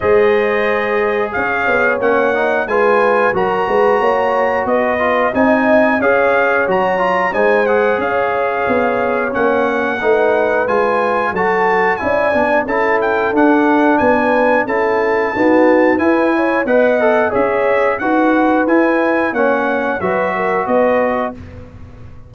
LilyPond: <<
  \new Staff \with { instrumentName = "trumpet" } { \time 4/4 \tempo 4 = 90 dis''2 f''4 fis''4 | gis''4 ais''2 dis''4 | gis''4 f''4 ais''4 gis''8 fis''8 | f''2 fis''2 |
gis''4 a''4 gis''4 a''8 g''8 | fis''4 gis''4 a''2 | gis''4 fis''4 e''4 fis''4 | gis''4 fis''4 e''4 dis''4 | }
  \new Staff \with { instrumentName = "horn" } { \time 4/4 c''2 cis''2 | b'4 ais'8 b'8 cis''4 b'4 | dis''4 cis''2 c''4 | cis''2. b'4~ |
b'4 a'4 d''4 a'4~ | a'4 b'4 a'4 fis'4 | b'8 cis''8 dis''4 cis''4 b'4~ | b'4 cis''4 b'8 ais'8 b'4 | }
  \new Staff \with { instrumentName = "trombone" } { \time 4/4 gis'2. cis'8 dis'8 | f'4 fis'2~ fis'8 f'8 | dis'4 gis'4 fis'8 f'8 dis'8 gis'8~ | gis'2 cis'4 dis'4 |
f'4 fis'4 e'8 d'8 e'4 | d'2 e'4 b4 | e'4 b'8 a'8 gis'4 fis'4 | e'4 cis'4 fis'2 | }
  \new Staff \with { instrumentName = "tuba" } { \time 4/4 gis2 cis'8 b8 ais4 | gis4 fis8 gis8 ais4 b4 | c'4 cis'4 fis4 gis4 | cis'4 b4 ais4 a4 |
gis4 fis4 cis'8 b8 cis'4 | d'4 b4 cis'4 dis'4 | e'4 b4 cis'4 dis'4 | e'4 ais4 fis4 b4 | }
>>